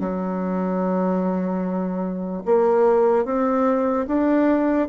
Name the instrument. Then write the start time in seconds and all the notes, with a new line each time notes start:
bassoon
0.00 F#3
2.45 A#3
3.25 C4
4.07 D4